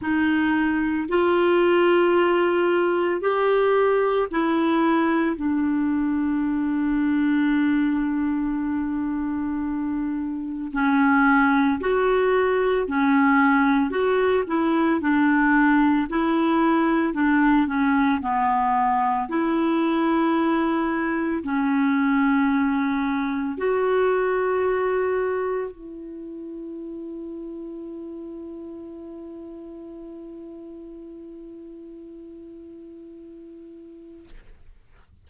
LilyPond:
\new Staff \with { instrumentName = "clarinet" } { \time 4/4 \tempo 4 = 56 dis'4 f'2 g'4 | e'4 d'2.~ | d'2 cis'4 fis'4 | cis'4 fis'8 e'8 d'4 e'4 |
d'8 cis'8 b4 e'2 | cis'2 fis'2 | e'1~ | e'1 | }